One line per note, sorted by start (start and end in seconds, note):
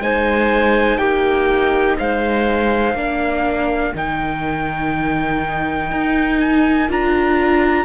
0.00 0.98 G#3
0.00 2.95 D#4
0.00 0.99 C5
0.00 0.98 G#5
0.98 1.97 A#3
0.98 1.97 G4
0.98 1.96 G5
1.99 2.94 G#3
1.99 2.97 C5
1.99 3.95 F5
2.94 3.93 A#3
2.94 3.94 D4
2.94 7.85 A#4
3.94 5.91 D#3
3.94 6.88 D#4
3.94 6.40 G5
5.91 6.89 D#4
6.40 6.89 G#5
6.88 7.85 D4
6.88 7.85 F4
6.88 7.85 A#5